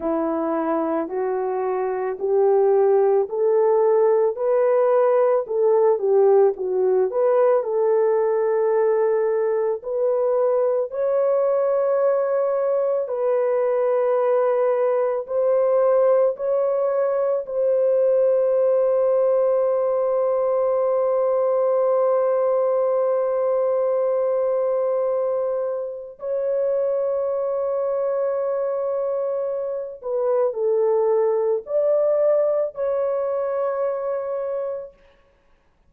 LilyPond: \new Staff \with { instrumentName = "horn" } { \time 4/4 \tempo 4 = 55 e'4 fis'4 g'4 a'4 | b'4 a'8 g'8 fis'8 b'8 a'4~ | a'4 b'4 cis''2 | b'2 c''4 cis''4 |
c''1~ | c''1 | cis''2.~ cis''8 b'8 | a'4 d''4 cis''2 | }